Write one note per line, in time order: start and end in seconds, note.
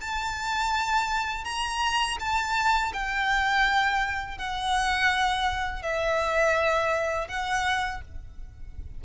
0.00 1.44 A5
1.44 2.17 A#5
2.19 2.92 A5
2.93 4.38 G5
4.38 5.82 F#5
5.82 7.28 E5
7.28 8.01 F#5